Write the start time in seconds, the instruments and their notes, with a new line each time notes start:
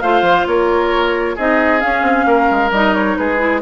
0.00 bassoon A3, clarinet F4, oboe C5, flute F5
0.22 bassoon F3
0.46 bassoon A#3, oboe A#4, flute C#5
1.35 bassoon C4, clarinet D#4, oboe G#4, flute D#5
1.80 clarinet C#4, bassoon C#4, flute F5
2.02 bassoon C4
2.25 bassoon A#3, oboe A#4
2.50 bassoon G#3
2.71 bassoon G3, clarinet D#4, flute D#5
2.94 flute C#5
3.16 bassoon G#3, oboe G#4, flute B4
3.38 clarinet E4